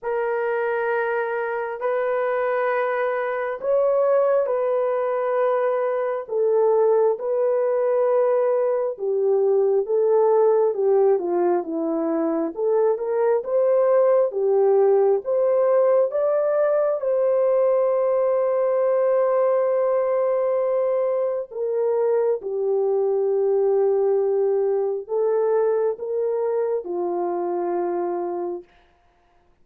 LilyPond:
\new Staff \with { instrumentName = "horn" } { \time 4/4 \tempo 4 = 67 ais'2 b'2 | cis''4 b'2 a'4 | b'2 g'4 a'4 | g'8 f'8 e'4 a'8 ais'8 c''4 |
g'4 c''4 d''4 c''4~ | c''1 | ais'4 g'2. | a'4 ais'4 f'2 | }